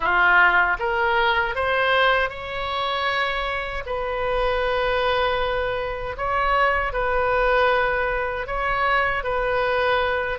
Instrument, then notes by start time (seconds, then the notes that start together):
oboe
0.00 F4
0.79 A#4
1.55 C5
2.29 C#5
3.85 B4
6.17 C#5
6.92 B4
8.47 C#5
9.23 B4